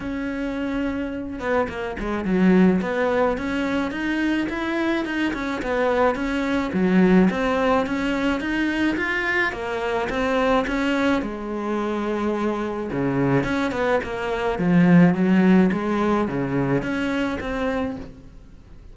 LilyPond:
\new Staff \with { instrumentName = "cello" } { \time 4/4 \tempo 4 = 107 cis'2~ cis'8 b8 ais8 gis8 | fis4 b4 cis'4 dis'4 | e'4 dis'8 cis'8 b4 cis'4 | fis4 c'4 cis'4 dis'4 |
f'4 ais4 c'4 cis'4 | gis2. cis4 | cis'8 b8 ais4 f4 fis4 | gis4 cis4 cis'4 c'4 | }